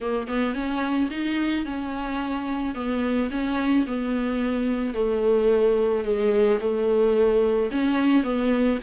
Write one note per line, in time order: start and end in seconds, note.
0.00 0.27 A#3
0.27 0.54 B3
0.54 1.09 C#4
1.10 1.65 D#4
1.65 2.74 C#4
2.74 3.30 B3
3.30 3.85 C#4
3.87 4.94 B3
4.94 6.04 A3
6.04 6.59 G#3
6.60 7.70 A3
7.71 8.23 C#4
8.23 8.78 B3